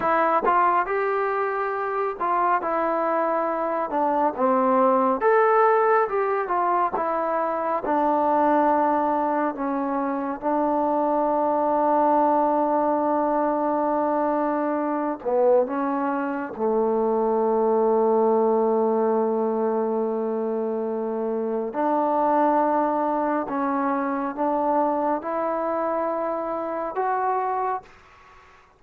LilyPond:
\new Staff \with { instrumentName = "trombone" } { \time 4/4 \tempo 4 = 69 e'8 f'8 g'4. f'8 e'4~ | e'8 d'8 c'4 a'4 g'8 f'8 | e'4 d'2 cis'4 | d'1~ |
d'4. b8 cis'4 a4~ | a1~ | a4 d'2 cis'4 | d'4 e'2 fis'4 | }